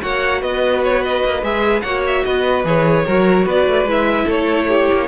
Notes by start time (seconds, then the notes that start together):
0.00 A#3 F#4 C#5 F#5
0.41 B3 B4 D#5
0.83 C#5
1.03 D#5
1.24 A#3
1.42 G#3 G#4 E5
1.81 A#3 F#4 C#5 F#5
2.06 E5
2.24 B3 B4 D#5
2.64 E3 G#4 C#5
3.05 F#3 F#4 A#4
3.45 B3 B4 D5
3.67 A3
3.84 G#3 E4
3.91 E5
4.25 A3 A4 C#5
4.68 G4
4.93 A#3